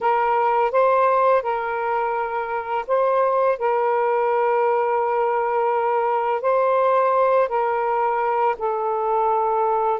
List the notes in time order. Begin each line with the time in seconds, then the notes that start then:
0.00 A#4
0.71 C5
1.42 A#4
2.87 C5
3.58 A#4
6.41 C5
7.48 A#4
8.58 A4